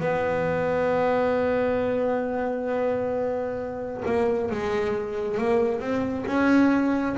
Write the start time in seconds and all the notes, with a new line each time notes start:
0.00 B3
4.05 A#3
4.51 G#3
5.38 A#3
5.80 C4
6.26 C#4